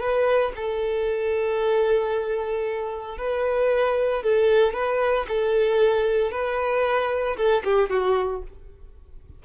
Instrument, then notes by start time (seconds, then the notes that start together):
violin
0.00 B4
0.56 A4
3.18 B4
4.23 A4
4.74 B4
5.29 A4
6.32 B4
7.37 A4
7.65 G4
7.90 F#4